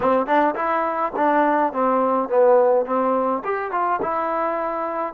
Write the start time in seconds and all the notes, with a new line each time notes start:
0.00 C4
0.26 D4
0.55 E4
1.16 D4
1.72 C4
2.29 B3
2.85 C4
3.44 G4
3.71 F4
4.02 E4